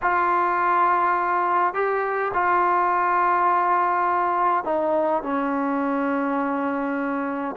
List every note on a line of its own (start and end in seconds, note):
0.02 1.73 F4
1.73 2.32 G4
2.33 4.64 F4
4.64 5.22 D#4
5.22 7.55 C#4